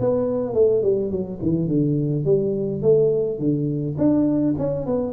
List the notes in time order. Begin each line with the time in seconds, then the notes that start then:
0.00 B3
0.54 A3
0.82 G3
1.11 F#3
1.42 E3
1.68 D3
2.25 G3
2.82 A3
3.39 D3
3.98 D4
4.58 C#4
4.86 B3